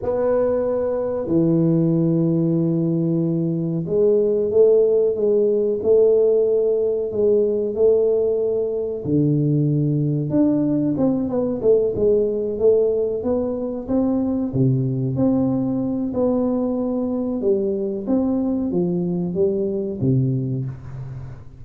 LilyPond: \new Staff \with { instrumentName = "tuba" } { \time 4/4 \tempo 4 = 93 b2 e2~ | e2 gis4 a4 | gis4 a2 gis4 | a2 d2 |
d'4 c'8 b8 a8 gis4 a8~ | a8 b4 c'4 c4 c'8~ | c'4 b2 g4 | c'4 f4 g4 c4 | }